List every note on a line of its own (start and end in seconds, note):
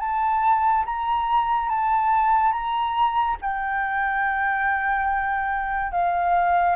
0.00 0.85 A5
0.86 1.69 A#5
1.69 2.52 A5
2.52 3.37 A#5
3.41 5.92 G5
5.92 6.76 F5